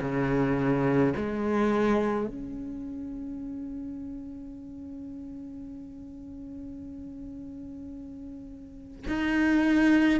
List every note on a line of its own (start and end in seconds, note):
0.00 1.13 C#3
1.16 2.27 G#3
2.27 9.06 C#4
9.07 10.20 D#4